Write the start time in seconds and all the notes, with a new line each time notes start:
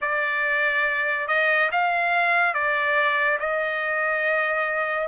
0.01 D5
1.27 D#5
1.71 F5
2.54 D5
3.39 D#5